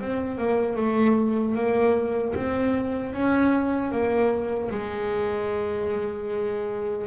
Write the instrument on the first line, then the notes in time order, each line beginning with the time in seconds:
double bass
0.00 C4
0.38 A#3
0.76 A3
1.55 A#3
2.34 C4
3.13 C#4
3.91 A#3
4.70 G#3